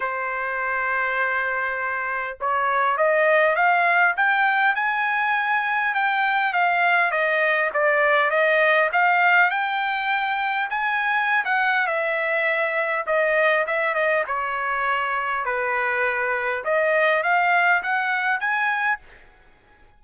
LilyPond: \new Staff \with { instrumentName = "trumpet" } { \time 4/4 \tempo 4 = 101 c''1 | cis''4 dis''4 f''4 g''4 | gis''2 g''4 f''4 | dis''4 d''4 dis''4 f''4 |
g''2 gis''4~ gis''16 fis''8. | e''2 dis''4 e''8 dis''8 | cis''2 b'2 | dis''4 f''4 fis''4 gis''4 | }